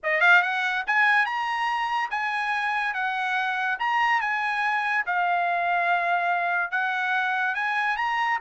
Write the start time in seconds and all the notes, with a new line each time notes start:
0.03 D#5
0.21 F5
0.42 F#5
0.87 G#5
1.25 A#5
2.10 G#5
2.94 F#5
3.79 A#5
4.20 G#5
5.05 F5
6.71 F#5
7.54 G#5
7.96 A#5